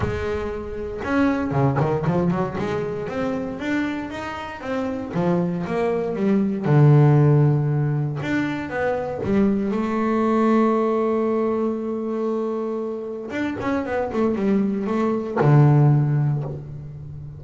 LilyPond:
\new Staff \with { instrumentName = "double bass" } { \time 4/4 \tempo 4 = 117 gis2 cis'4 cis8 dis8 | f8 fis8 gis4 c'4 d'4 | dis'4 c'4 f4 ais4 | g4 d2. |
d'4 b4 g4 a4~ | a1~ | a2 d'8 cis'8 b8 a8 | g4 a4 d2 | }